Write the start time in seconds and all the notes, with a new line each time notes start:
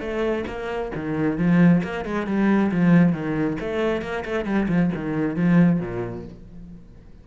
0.00 A3
0.47 A#3
0.95 D#3
1.38 F3
1.83 A#3
2.05 G#3
2.26 G3
2.71 F3
3.13 D#3
3.60 A3
4.02 A#3
4.25 A3
4.45 G3
4.68 F3
4.95 D#3
5.36 F3
5.80 A#2